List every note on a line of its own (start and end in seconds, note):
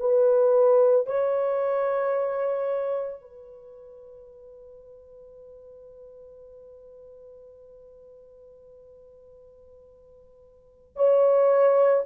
0.00 1.07 B4
1.07 3.21 C#5
3.21 10.97 B4
10.97 12.04 C#5